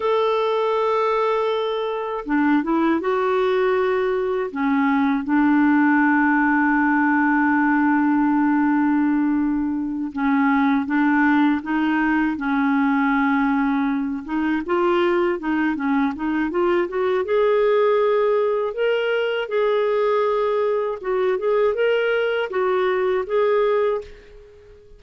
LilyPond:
\new Staff \with { instrumentName = "clarinet" } { \time 4/4 \tempo 4 = 80 a'2. d'8 e'8 | fis'2 cis'4 d'4~ | d'1~ | d'4. cis'4 d'4 dis'8~ |
dis'8 cis'2~ cis'8 dis'8 f'8~ | f'8 dis'8 cis'8 dis'8 f'8 fis'8 gis'4~ | gis'4 ais'4 gis'2 | fis'8 gis'8 ais'4 fis'4 gis'4 | }